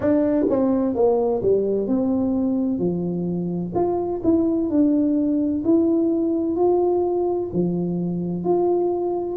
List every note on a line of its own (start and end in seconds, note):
0.00 0.45 D4
0.49 0.95 C4
0.95 1.41 A#3
1.42 1.87 G3
1.87 2.79 C4
2.79 3.72 F3
3.75 4.21 F4
4.23 4.69 E4
4.69 5.63 D4
5.64 6.56 E4
6.56 7.50 F4
7.53 8.44 F3
8.44 9.36 F4